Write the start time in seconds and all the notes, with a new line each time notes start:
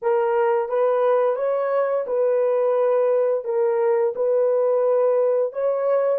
0.02 A#4
0.68 B4
1.35 C#5
2.07 B4
3.44 A#4
4.15 B4
5.52 C#5